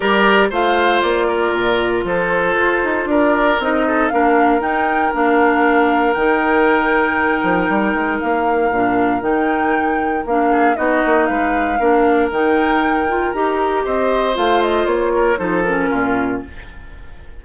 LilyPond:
<<
  \new Staff \with { instrumentName = "flute" } { \time 4/4 \tempo 4 = 117 d''4 f''4 d''2 | c''2 d''4 dis''4 | f''4 g''4 f''2 | g''1 |
f''2 g''2 | f''4 dis''4 f''2 | g''2 ais''4 dis''4 | f''8 dis''8 cis''4 c''8 ais'4. | }
  \new Staff \with { instrumentName = "oboe" } { \time 4/4 ais'4 c''4. ais'4. | a'2 ais'4. a'8 | ais'1~ | ais'1~ |
ais'1~ | ais'8 gis'8 fis'4 b'4 ais'4~ | ais'2. c''4~ | c''4. ais'8 a'4 f'4 | }
  \new Staff \with { instrumentName = "clarinet" } { \time 4/4 g'4 f'2.~ | f'2. dis'4 | d'4 dis'4 d'2 | dis'1~ |
dis'4 d'4 dis'2 | d'4 dis'2 d'4 | dis'4. f'8 g'2 | f'2 dis'8 cis'4. | }
  \new Staff \with { instrumentName = "bassoon" } { \time 4/4 g4 a4 ais4 ais,4 | f4 f'8 dis'8 d'4 c'4 | ais4 dis'4 ais2 | dis2~ dis8 f8 g8 gis8 |
ais4 ais,4 dis2 | ais4 b8 ais8 gis4 ais4 | dis2 dis'4 c'4 | a4 ais4 f4 ais,4 | }
>>